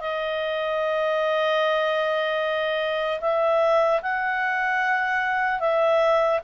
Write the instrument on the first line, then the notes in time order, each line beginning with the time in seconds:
clarinet
0.00 D#5
3.21 E5
4.02 F#5
5.60 E5